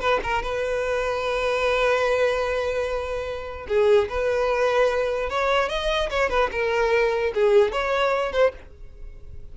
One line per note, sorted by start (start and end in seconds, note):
0.00 0.20 B4
0.23 0.43 A#4
0.43 3.67 B4
3.68 4.08 G#4
4.09 5.29 B4
5.29 5.69 C#5
5.69 6.09 D#5
6.10 6.30 C#5
6.30 6.50 B4
6.52 7.33 A#4
7.34 7.72 G#4
7.72 8.32 C#5
8.32 8.53 C5